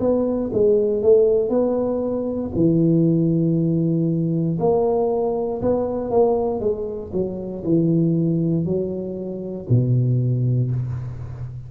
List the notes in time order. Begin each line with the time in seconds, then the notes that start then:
0.00 B3
0.53 G#3
1.03 A3
1.50 B3
2.56 E3
4.60 A#3
5.62 B3
6.11 A#3
6.61 G#3
7.13 F#3
7.65 E3
8.66 F#3
9.70 B2